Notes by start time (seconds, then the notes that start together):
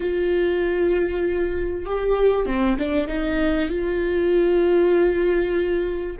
0.00 F4
1.85 G4
2.46 C4
2.78 D4
3.07 D#4
3.69 F4